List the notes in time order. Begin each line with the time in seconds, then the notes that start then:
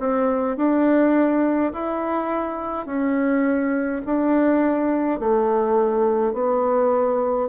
0.00 C4
0.57 D4
1.73 E4
2.86 C#4
4.06 D4
5.20 A3
6.34 B3